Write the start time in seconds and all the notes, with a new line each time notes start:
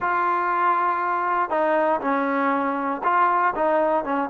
0.00 F4
1.49 D#4
2.00 C#4
3.03 F4
3.55 D#4
4.04 C#4